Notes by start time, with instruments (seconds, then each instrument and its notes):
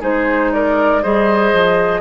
0.00 bassoon G#3, clarinet D#4, oboe G#4, flute C5
0.53 oboe A#4, flute D5
1.03 bassoon G3, clarinet G#4, oboe C5, flute D#5
1.53 bassoon F3